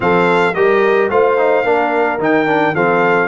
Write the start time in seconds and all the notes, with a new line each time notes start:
0.00 F3 C4 A4 F5
0.54 G3 G4 A#4 D#5
1.10 A3 F4 C5 F5
1.37 D#4
1.63 A#3 D4 A#4
2.18 D#3 D#4 G5
2.46 D4
2.74 F3 C4 A4 F5